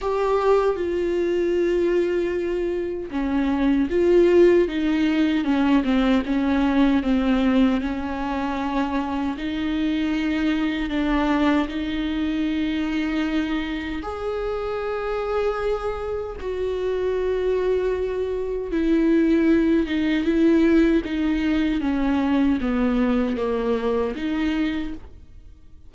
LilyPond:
\new Staff \with { instrumentName = "viola" } { \time 4/4 \tempo 4 = 77 g'4 f'2. | cis'4 f'4 dis'4 cis'8 c'8 | cis'4 c'4 cis'2 | dis'2 d'4 dis'4~ |
dis'2 gis'2~ | gis'4 fis'2. | e'4. dis'8 e'4 dis'4 | cis'4 b4 ais4 dis'4 | }